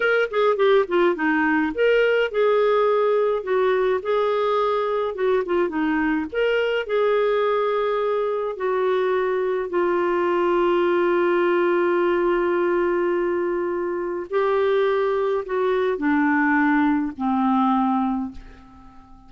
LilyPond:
\new Staff \with { instrumentName = "clarinet" } { \time 4/4 \tempo 4 = 105 ais'8 gis'8 g'8 f'8 dis'4 ais'4 | gis'2 fis'4 gis'4~ | gis'4 fis'8 f'8 dis'4 ais'4 | gis'2. fis'4~ |
fis'4 f'2.~ | f'1~ | f'4 g'2 fis'4 | d'2 c'2 | }